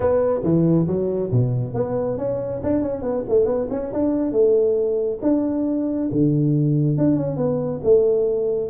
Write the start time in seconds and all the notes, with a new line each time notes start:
0.00 B3
0.43 E3
0.87 F#3
1.31 B2
1.74 B3
2.17 C#4
2.63 D4
2.82 C#4
3.02 B3
3.28 A3
3.45 B3
3.70 C#4
3.92 D4
4.32 A3
5.22 D4
6.11 D3
6.97 D4
7.16 C#4
7.36 B3
7.83 A3